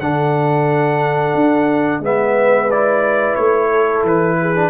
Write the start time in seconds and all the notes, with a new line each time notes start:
0.00 D3 D4 A4 F#5
1.35 D4
2.00 G#3 B3 B4 E5
2.71 E4 D5
3.36 A3 C#5
3.70 A4
4.03 E3 B4
4.41 G#4
4.56 D4